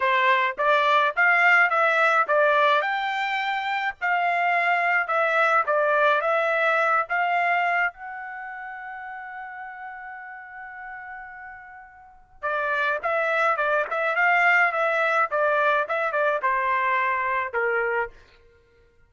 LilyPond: \new Staff \with { instrumentName = "trumpet" } { \time 4/4 \tempo 4 = 106 c''4 d''4 f''4 e''4 | d''4 g''2 f''4~ | f''4 e''4 d''4 e''4~ | e''8 f''4. fis''2~ |
fis''1~ | fis''2 d''4 e''4 | d''8 e''8 f''4 e''4 d''4 | e''8 d''8 c''2 ais'4 | }